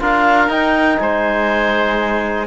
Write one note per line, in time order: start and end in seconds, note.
0.00 0.49 D4
0.00 0.49 F4
0.00 1.02 A#4
0.00 0.51 F5
0.49 0.99 D#4
0.49 2.48 D#4
0.49 0.99 G5
0.99 2.48 G#3
0.99 2.48 C5
0.99 2.48 G#5